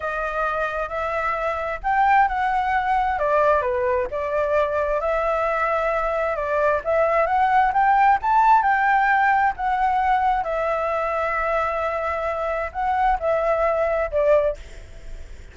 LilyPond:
\new Staff \with { instrumentName = "flute" } { \time 4/4 \tempo 4 = 132 dis''2 e''2 | g''4 fis''2 d''4 | b'4 d''2 e''4~ | e''2 d''4 e''4 |
fis''4 g''4 a''4 g''4~ | g''4 fis''2 e''4~ | e''1 | fis''4 e''2 d''4 | }